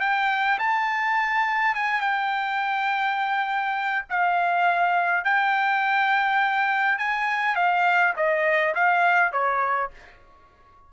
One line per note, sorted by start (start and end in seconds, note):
0.00 0.58 G5
0.59 1.75 A5
1.75 2.01 G#5
2.01 4.05 G5
4.09 5.24 F5
5.24 6.98 G5
6.98 7.55 G#5
7.55 8.14 F5
8.16 8.74 D#5
8.75 9.32 F5
9.32 9.90 C#5